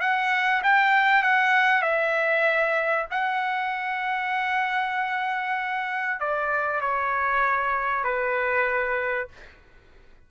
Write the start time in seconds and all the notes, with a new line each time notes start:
0.00 F#5
0.63 G5
1.22 F#5
1.82 E5
3.10 F#5
6.20 D5
6.81 C#5
8.04 B4